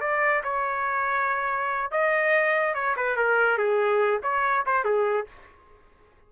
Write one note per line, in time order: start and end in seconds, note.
0.00 0.42 D5
0.43 1.91 C#5
1.91 2.74 D#5
2.74 2.95 C#5
2.96 3.16 B4
3.16 3.57 A#4
3.57 4.21 G#4
4.23 4.65 C#5
4.66 4.84 C5
4.84 5.26 G#4